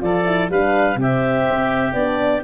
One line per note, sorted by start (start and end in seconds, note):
0.00 0.50 F3
0.00 0.24 F4
0.00 0.52 A4
0.00 0.50 D5
0.26 0.50 E4
0.50 0.96 G3
0.50 0.97 D4
0.50 1.00 B4
0.50 0.99 F5
0.96 1.45 C3
0.96 1.94 C4
0.96 2.44 G4
1.02 1.93 E5
1.50 1.94 C4
1.93 2.42 B3
1.93 2.44 D4
1.93 2.42 D5